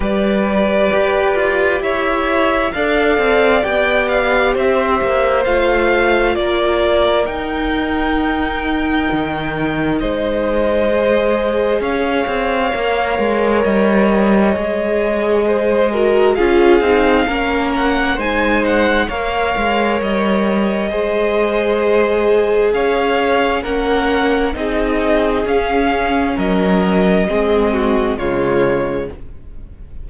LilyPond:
<<
  \new Staff \with { instrumentName = "violin" } { \time 4/4 \tempo 4 = 66 d''2 e''4 f''4 | g''8 f''8 e''4 f''4 d''4 | g''2. dis''4~ | dis''4 f''2 dis''4~ |
dis''2 f''4. fis''8 | gis''8 fis''8 f''4 dis''2~ | dis''4 f''4 fis''4 dis''4 | f''4 dis''2 cis''4 | }
  \new Staff \with { instrumentName = "violin" } { \time 4/4 b'2 cis''4 d''4~ | d''4 c''2 ais'4~ | ais'2. c''4~ | c''4 cis''2.~ |
cis''4 c''8 ais'8 gis'4 ais'4 | c''4 cis''2 c''4~ | c''4 cis''4 ais'4 gis'4~ | gis'4 ais'4 gis'8 fis'8 f'4 | }
  \new Staff \with { instrumentName = "viola" } { \time 4/4 g'2. a'4 | g'2 f'2 | dis'1 | gis'2 ais'2 |
gis'4. fis'8 f'8 dis'8 cis'4 | dis'4 ais'2 gis'4~ | gis'2 cis'4 dis'4 | cis'2 c'4 gis4 | }
  \new Staff \with { instrumentName = "cello" } { \time 4/4 g4 g'8 f'8 e'4 d'8 c'8 | b4 c'8 ais8 a4 ais4 | dis'2 dis4 gis4~ | gis4 cis'8 c'8 ais8 gis8 g4 |
gis2 cis'8 c'8 ais4 | gis4 ais8 gis8 g4 gis4~ | gis4 cis'4 ais4 c'4 | cis'4 fis4 gis4 cis4 | }
>>